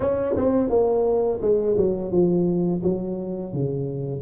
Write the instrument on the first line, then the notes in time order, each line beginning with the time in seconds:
tuba
0.00 C#4
0.36 C4
0.69 A#3
1.41 G#3
1.77 F#3
2.11 F3
2.83 F#3
3.53 C#3